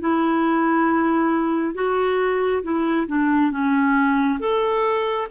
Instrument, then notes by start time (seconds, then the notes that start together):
clarinet
0.00 E4
1.74 F#4
2.62 E4
3.07 D4
3.51 C#4
4.39 A4